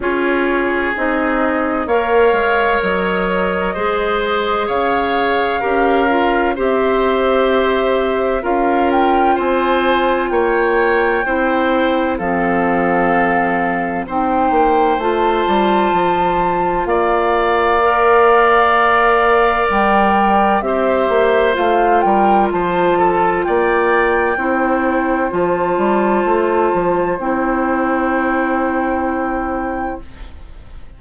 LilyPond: <<
  \new Staff \with { instrumentName = "flute" } { \time 4/4 \tempo 4 = 64 cis''4 dis''4 f''4 dis''4~ | dis''4 f''2 e''4~ | e''4 f''8 g''8 gis''4 g''4~ | g''4 f''2 g''4 |
a''2 f''2~ | f''4 g''4 e''4 f''8 g''8 | a''4 g''2 a''4~ | a''4 g''2. | }
  \new Staff \with { instrumentName = "oboe" } { \time 4/4 gis'2 cis''2 | c''4 cis''4 ais'4 c''4~ | c''4 ais'4 c''4 cis''4 | c''4 a'2 c''4~ |
c''2 d''2~ | d''2 c''4. ais'8 | c''8 a'8 d''4 c''2~ | c''1 | }
  \new Staff \with { instrumentName = "clarinet" } { \time 4/4 f'4 dis'4 ais'2 | gis'2 g'8 f'8 g'4~ | g'4 f'2. | e'4 c'2 dis'4 |
f'2. ais'4~ | ais'2 g'4 f'4~ | f'2 e'4 f'4~ | f'4 e'2. | }
  \new Staff \with { instrumentName = "bassoon" } { \time 4/4 cis'4 c'4 ais8 gis8 fis4 | gis4 cis4 cis'4 c'4~ | c'4 cis'4 c'4 ais4 | c'4 f2 c'8 ais8 |
a8 g8 f4 ais2~ | ais4 g4 c'8 ais8 a8 g8 | f4 ais4 c'4 f8 g8 | a8 f8 c'2. | }
>>